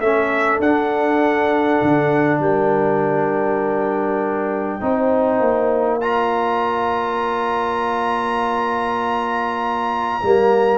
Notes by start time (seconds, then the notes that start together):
0.00 A3 C#4 A4 E5
0.59 D4 F#5
1.82 D3
2.40 G3 A#4 G5
4.81 C4 D#4 C5
5.40 A#3
6.00 F4 C#5 A#5
10.23 G3 A#3